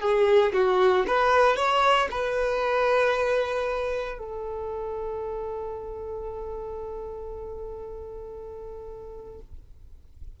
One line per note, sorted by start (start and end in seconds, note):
0.00 0.52 G#4
0.53 1.05 F#4
1.07 1.56 B4
1.56 2.08 C#5
2.11 4.18 B4
4.18 9.40 A4